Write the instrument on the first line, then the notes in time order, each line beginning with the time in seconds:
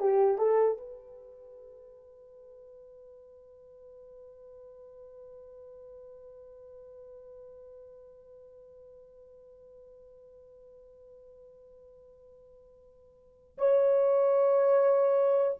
horn
0.00 G4
0.39 A4
0.78 B4
13.59 C#5